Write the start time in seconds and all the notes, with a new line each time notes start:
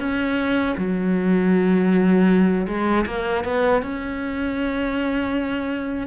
0.00 C#4
0.78 F#3
2.68 G#3
3.07 A#3
3.45 B3
3.83 C#4